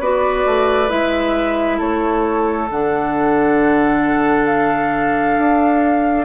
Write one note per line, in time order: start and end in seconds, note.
0.00 0.45 B3
0.00 0.89 F#4
0.00 1.78 B4
0.00 0.90 D5
0.46 0.90 A3
0.89 1.80 G#3
0.89 2.68 E4
0.89 1.79 E5
1.78 2.70 A3
1.78 6.25 A4
1.78 2.69 C#5
2.70 5.38 D3
2.70 6.25 D4
2.70 4.46 F#5
4.46 6.25 F5
5.38 6.25 D4